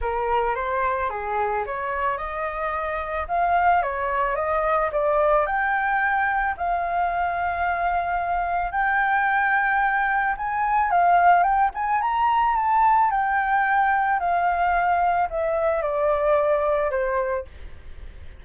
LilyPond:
\new Staff \with { instrumentName = "flute" } { \time 4/4 \tempo 4 = 110 ais'4 c''4 gis'4 cis''4 | dis''2 f''4 cis''4 | dis''4 d''4 g''2 | f''1 |
g''2. gis''4 | f''4 g''8 gis''8 ais''4 a''4 | g''2 f''2 | e''4 d''2 c''4 | }